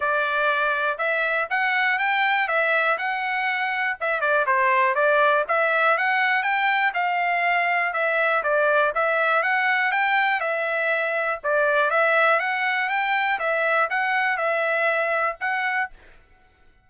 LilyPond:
\new Staff \with { instrumentName = "trumpet" } { \time 4/4 \tempo 4 = 121 d''2 e''4 fis''4 | g''4 e''4 fis''2 | e''8 d''8 c''4 d''4 e''4 | fis''4 g''4 f''2 |
e''4 d''4 e''4 fis''4 | g''4 e''2 d''4 | e''4 fis''4 g''4 e''4 | fis''4 e''2 fis''4 | }